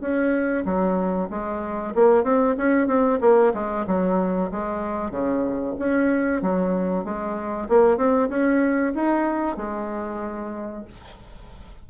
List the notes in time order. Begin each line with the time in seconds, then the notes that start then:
0.00 C#4
0.65 F#3
1.30 G#3
1.94 A#3
2.23 C4
2.57 C#4
2.87 C4
3.21 A#3
3.53 G#3
3.86 F#3
4.51 G#3
5.10 C#3
5.78 C#4
6.41 F#3
7.04 G#3
7.69 A#3
7.97 C4
8.29 C#4
8.94 D#4
9.56 G#3